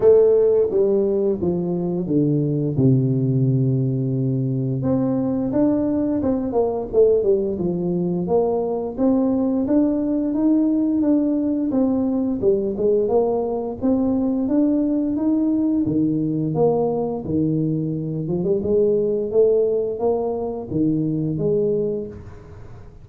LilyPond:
\new Staff \with { instrumentName = "tuba" } { \time 4/4 \tempo 4 = 87 a4 g4 f4 d4 | c2. c'4 | d'4 c'8 ais8 a8 g8 f4 | ais4 c'4 d'4 dis'4 |
d'4 c'4 g8 gis8 ais4 | c'4 d'4 dis'4 dis4 | ais4 dis4. f16 g16 gis4 | a4 ais4 dis4 gis4 | }